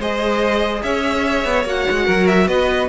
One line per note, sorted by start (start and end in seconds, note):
0.00 0.83 G#3
0.00 1.66 G#4
0.00 0.83 C5
0.00 0.83 D#5
0.83 1.45 C#4
0.83 2.06 C#5
0.83 1.66 E5
1.45 1.65 B3
1.65 1.86 A#3
1.65 2.90 F#4
1.65 2.28 F#5
1.91 2.08 G#3
2.06 2.48 F#3
2.06 2.47 A#4
2.28 2.48 E5
2.48 2.89 B3
2.48 2.89 B4
2.48 2.89 D#5